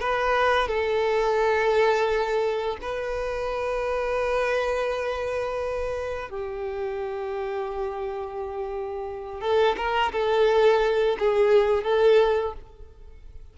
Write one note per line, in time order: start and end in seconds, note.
0.00 0.68 B4
0.68 2.77 A4
2.81 6.29 B4
6.29 9.41 G4
9.41 9.76 A4
9.77 10.12 A#4
10.12 11.17 A4
11.19 11.84 G#4
11.84 12.53 A4